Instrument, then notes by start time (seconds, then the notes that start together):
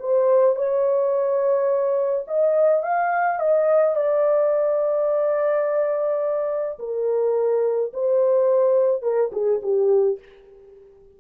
horn
0.00 C5
0.56 C#5
2.27 D#5
2.83 F5
3.40 D#5
3.96 D5
6.79 A#4
7.94 C5
9.02 A#4
9.32 G#4
9.63 G4